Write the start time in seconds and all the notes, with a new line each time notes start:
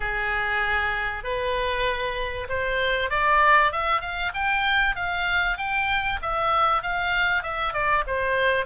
0.00 G#4
1.23 B4
2.49 C5
3.10 D5
3.72 E5
4.01 F5
4.34 G5
4.95 F5
5.57 G5
6.22 E5
6.82 F5
7.42 E5
7.73 D5
8.06 C5